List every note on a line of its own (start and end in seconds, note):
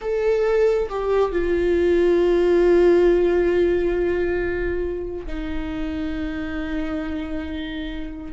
0.01 0.89 A4
0.89 1.31 G4
1.31 5.26 F4
5.26 8.32 D#4